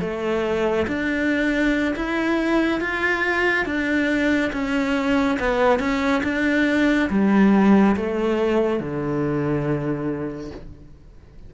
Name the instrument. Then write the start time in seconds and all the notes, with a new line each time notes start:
cello
0.00 A3
0.87 D4
1.96 E4
2.81 F4
3.65 D4
4.52 C#4
5.39 B3
5.79 C#4
6.23 D4
7.09 G3
7.96 A3
8.79 D3